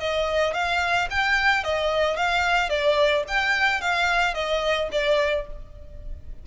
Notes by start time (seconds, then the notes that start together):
0.00 D#5
0.54 F5
1.11 G5
1.64 D#5
2.17 F5
2.70 D5
3.28 G5
3.81 F5
4.35 D#5
4.92 D5